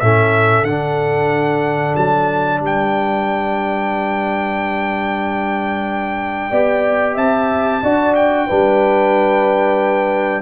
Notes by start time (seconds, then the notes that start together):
0.00 A2 C#4 A4 E5
0.63 D3 D4 F#5
1.96 F#3 A5
2.60 G3 B4 G5
6.50 B3 G4 D5
7.15 C4 E5 A5
7.82 D4 F#4 D5
8.15 G5
8.47 G3 D4 B4